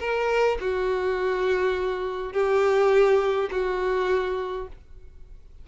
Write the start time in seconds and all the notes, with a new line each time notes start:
0.00 A#4
0.61 F#4
2.33 G4
3.52 F#4